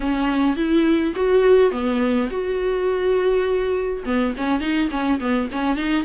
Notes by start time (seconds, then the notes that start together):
0.00 C#4
0.56 E4
1.15 F#4
1.72 B3
2.30 F#4
4.05 B3
4.37 C#4
4.60 D#4
4.90 C#4
5.20 B3
5.51 C#4
5.76 D#4